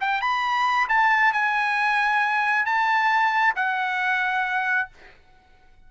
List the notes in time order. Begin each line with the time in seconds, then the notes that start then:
0.00 G5
0.21 B5
0.88 A5
1.33 G#5
2.65 A5
3.55 F#5